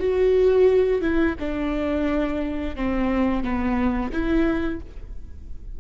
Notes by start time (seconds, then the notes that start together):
0.00 F#4
1.02 E4
1.40 D4
2.76 C4
3.44 B3
4.12 E4